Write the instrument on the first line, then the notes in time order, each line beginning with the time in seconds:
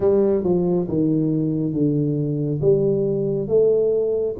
tuba
0.00 G3
0.43 F3
0.88 D#3
1.73 D3
2.61 G3
3.48 A3